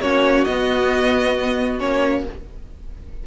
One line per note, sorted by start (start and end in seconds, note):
0.00 0.45 A#3
0.00 0.47 C#4
0.00 2.26 F#4
0.00 0.44 C#5
0.44 1.79 B3
0.44 1.81 B3
0.44 1.78 D#5
1.79 2.25 A#3
1.79 2.24 C#4
1.79 2.24 C#5